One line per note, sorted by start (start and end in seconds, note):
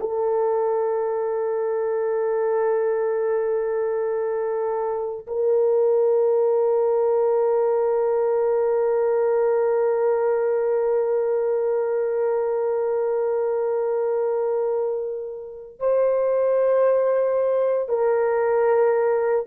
0.00 5.26 A4
5.27 15.79 A#4
15.79 17.89 C5
17.89 19.46 A#4